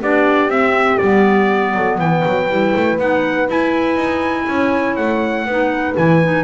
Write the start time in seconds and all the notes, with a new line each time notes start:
0.00 B3 D4 G4 D5
0.48 C4 E5
0.98 G3 B3 D5
1.74 F#3 A4
1.98 E3 B4 G5
2.25 F#3
2.49 G3 E4
2.76 A3
2.98 B3 D#4 F#5
3.48 E4 G#5
3.96 D#4
4.47 C#4 C#5
4.96 A3 F#5
5.45 B3 D#4 B4
5.96 E3 E4 G#5
6.23 D#4